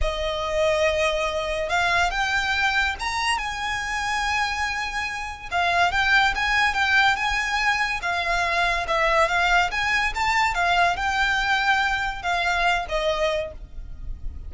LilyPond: \new Staff \with { instrumentName = "violin" } { \time 4/4 \tempo 4 = 142 dis''1 | f''4 g''2 ais''4 | gis''1~ | gis''4 f''4 g''4 gis''4 |
g''4 gis''2 f''4~ | f''4 e''4 f''4 gis''4 | a''4 f''4 g''2~ | g''4 f''4. dis''4. | }